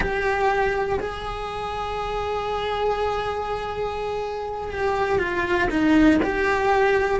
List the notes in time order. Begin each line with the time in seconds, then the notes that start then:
0.00 G4
0.99 G#4
4.71 G4
5.18 F4
5.70 D#4
6.22 G4